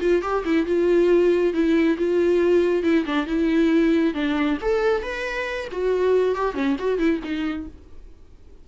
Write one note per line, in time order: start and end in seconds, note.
0.00 0.22 F4
0.22 0.44 G4
0.44 0.65 E4
0.65 1.53 F4
1.53 1.97 E4
1.97 2.83 F4
2.83 3.05 E4
3.05 3.26 D4
3.26 4.13 E4
4.14 4.57 D4
4.61 5.02 A4
5.02 5.68 B4
5.71 6.35 F#4
6.35 6.54 G4
6.54 6.76 C#4
6.78 6.98 F#4
6.98 7.20 E4
7.23 7.67 D#4